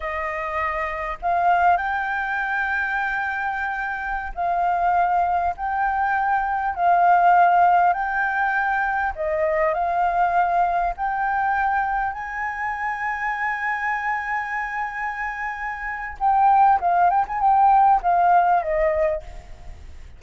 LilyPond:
\new Staff \with { instrumentName = "flute" } { \time 4/4 \tempo 4 = 100 dis''2 f''4 g''4~ | g''2.~ g''16 f''8.~ | f''4~ f''16 g''2 f''8.~ | f''4~ f''16 g''2 dis''8.~ |
dis''16 f''2 g''4.~ g''16~ | g''16 gis''2.~ gis''8.~ | gis''2. g''4 | f''8 g''16 gis''16 g''4 f''4 dis''4 | }